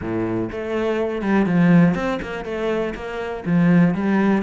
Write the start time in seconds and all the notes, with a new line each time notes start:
0.01 A2
0.51 A3
1.22 G3
1.46 F3
1.94 C4
2.22 A#3
2.45 A3
2.95 A#3
3.45 F3
3.94 G3